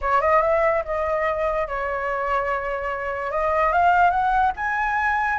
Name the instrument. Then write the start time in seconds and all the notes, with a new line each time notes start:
flute
0.01 C#5
0.21 D#5
0.42 E5
0.84 D#5
1.67 C#5
3.31 D#5
3.72 F5
4.10 F#5
4.56 G#5